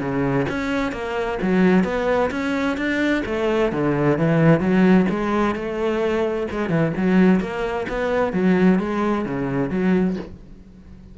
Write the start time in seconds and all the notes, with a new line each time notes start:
0.00 C#3
0.49 C#4
0.92 A#3
1.42 F#3
1.84 B3
2.31 C#4
2.77 D4
3.26 A3
3.72 D3
4.18 E3
4.60 F#3
5.09 G#3
5.55 A3
6.51 G#3
6.69 E3
6.97 F#3
7.40 A#3
7.89 B3
8.33 F#3
8.79 G#3
9.25 C#3
9.70 F#3